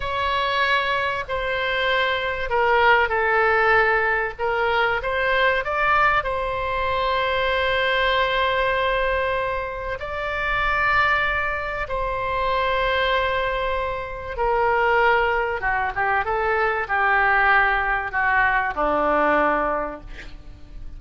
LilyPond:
\new Staff \with { instrumentName = "oboe" } { \time 4/4 \tempo 4 = 96 cis''2 c''2 | ais'4 a'2 ais'4 | c''4 d''4 c''2~ | c''1 |
d''2. c''4~ | c''2. ais'4~ | ais'4 fis'8 g'8 a'4 g'4~ | g'4 fis'4 d'2 | }